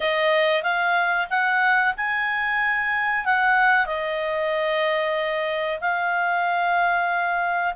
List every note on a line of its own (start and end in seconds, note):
0.00 0.62 D#5
0.62 1.27 F5
1.30 1.94 F#5
1.96 3.25 G#5
3.25 3.86 F#5
3.86 5.79 D#5
5.80 7.74 F5